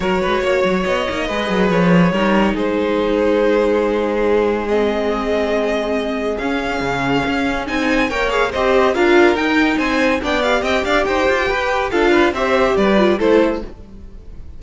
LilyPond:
<<
  \new Staff \with { instrumentName = "violin" } { \time 4/4 \tempo 4 = 141 cis''2 dis''2 | cis''2 c''2~ | c''2. dis''4~ | dis''2. f''4~ |
f''2 gis''4 g''8 f''8 | dis''4 f''4 g''4 gis''4 | g''8 f''8 g''8 f''8 g''2 | f''4 e''4 d''4 c''4 | }
  \new Staff \with { instrumentName = "violin" } { \time 4/4 ais'8 b'8 cis''2 b'4~ | b'4 ais'4 gis'2~ | gis'1~ | gis'1~ |
gis'2. cis''4 | c''4 ais'2 c''4 | d''4 dis''8 d''8 c''4 b'4 | a'8 b'8 c''4 b'4 a'4 | }
  \new Staff \with { instrumentName = "viola" } { \time 4/4 fis'2~ fis'8 dis'8 gis'4~ | gis'4 dis'2.~ | dis'2. c'4~ | c'2. cis'4~ |
cis'2 dis'4 ais'8 gis'8 | g'4 f'4 dis'2 | d'8 g'2.~ g'8 | f'4 g'4. f'8 e'4 | }
  \new Staff \with { instrumentName = "cello" } { \time 4/4 fis8 gis8 ais8 fis8 b8 ais8 gis8 fis8 | f4 g4 gis2~ | gis1~ | gis2. cis'4 |
cis4 cis'4 c'4 ais4 | c'4 d'4 dis'4 c'4 | b4 c'8 d'8 dis'8 f'8 g'4 | d'4 c'4 g4 a4 | }
>>